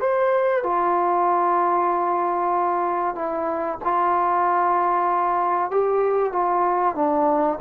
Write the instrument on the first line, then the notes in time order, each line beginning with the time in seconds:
trombone
0.00 C5
0.63 F4
3.15 E4
3.84 F4
5.71 G4
6.32 F4
6.95 D4